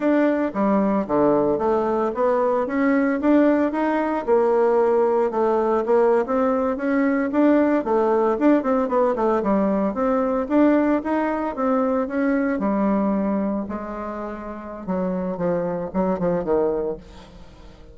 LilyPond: \new Staff \with { instrumentName = "bassoon" } { \time 4/4 \tempo 4 = 113 d'4 g4 d4 a4 | b4 cis'4 d'4 dis'4 | ais2 a4 ais8. c'16~ | c'8. cis'4 d'4 a4 d'16~ |
d'16 c'8 b8 a8 g4 c'4 d'16~ | d'8. dis'4 c'4 cis'4 g16~ | g4.~ g16 gis2~ gis16 | fis4 f4 fis8 f8 dis4 | }